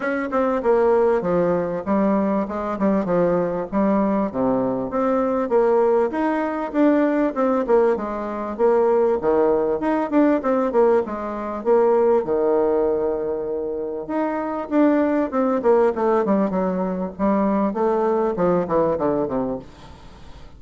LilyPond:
\new Staff \with { instrumentName = "bassoon" } { \time 4/4 \tempo 4 = 98 cis'8 c'8 ais4 f4 g4 | gis8 g8 f4 g4 c4 | c'4 ais4 dis'4 d'4 | c'8 ais8 gis4 ais4 dis4 |
dis'8 d'8 c'8 ais8 gis4 ais4 | dis2. dis'4 | d'4 c'8 ais8 a8 g8 fis4 | g4 a4 f8 e8 d8 c8 | }